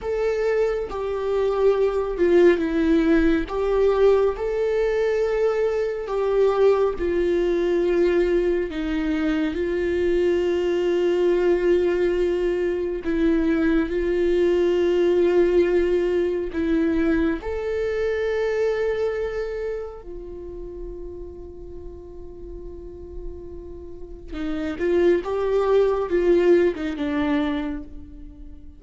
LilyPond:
\new Staff \with { instrumentName = "viola" } { \time 4/4 \tempo 4 = 69 a'4 g'4. f'8 e'4 | g'4 a'2 g'4 | f'2 dis'4 f'4~ | f'2. e'4 |
f'2. e'4 | a'2. f'4~ | f'1 | dis'8 f'8 g'4 f'8. dis'16 d'4 | }